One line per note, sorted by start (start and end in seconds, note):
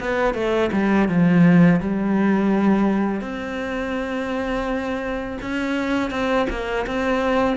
0.00 0.34 B3
0.34 0.70 A3
0.72 1.08 G3
1.09 1.80 F3
1.80 3.21 G3
3.21 5.38 C4
5.42 6.11 C#4
6.11 6.47 C4
6.50 6.86 A#3
6.87 7.57 C4